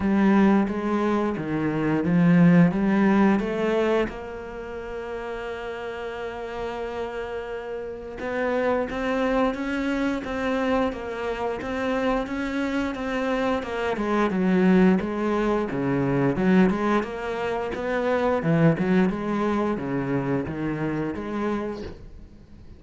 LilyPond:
\new Staff \with { instrumentName = "cello" } { \time 4/4 \tempo 4 = 88 g4 gis4 dis4 f4 | g4 a4 ais2~ | ais1 | b4 c'4 cis'4 c'4 |
ais4 c'4 cis'4 c'4 | ais8 gis8 fis4 gis4 cis4 | fis8 gis8 ais4 b4 e8 fis8 | gis4 cis4 dis4 gis4 | }